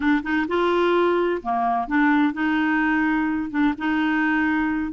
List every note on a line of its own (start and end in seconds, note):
0.00 0.22 D4
0.23 0.46 D#4
0.48 1.41 F4
1.42 1.87 A#3
1.87 2.33 D4
2.33 3.50 D#4
3.50 3.74 D4
3.78 4.92 D#4